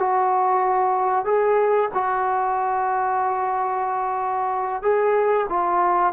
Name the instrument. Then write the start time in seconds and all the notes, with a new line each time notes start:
trombone
0.00 F#4
1.25 G#4
1.94 F#4
4.83 G#4
5.49 F4